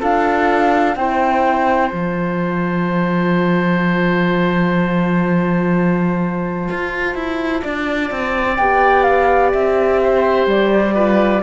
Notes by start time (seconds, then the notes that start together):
0.00 D4 F4 A4 F5
0.96 C4 E4 C5 G5
1.89 F3 F4 A5
6.71 F4
7.15 E4
7.62 D4 D5
8.11 C4
8.57 B3 G4 G5
9.03 F5
9.53 C4 E5
10.04 C5
10.47 G3 D5
10.95 F4 B4